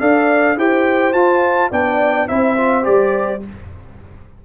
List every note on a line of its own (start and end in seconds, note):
0.00 0.57 D4
0.00 0.57 A4
0.00 0.57 D5
0.00 0.58 F5
0.57 1.14 E4
0.57 1.14 G4
0.57 1.71 C5
0.57 1.13 G5
1.13 1.71 F4
1.13 1.70 A5
1.71 2.29 B3
1.71 2.28 D4
1.71 2.28 D5
1.71 2.28 G5
2.28 2.87 C4
2.28 2.57 E4
2.28 3.43 C5
2.28 2.85 E5
2.57 2.83 F4
2.83 3.45 G3
2.83 3.40 G4
2.83 3.42 D5